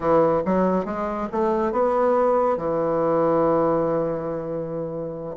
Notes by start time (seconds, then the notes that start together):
0.00 E3
0.45 F#3
0.85 G#3
1.32 A3
1.72 B3
2.57 E3